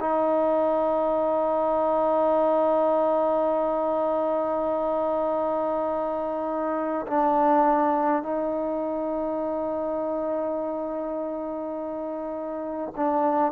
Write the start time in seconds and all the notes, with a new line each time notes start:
0.00 D#4
7.07 D4
8.22 D#4
12.96 D4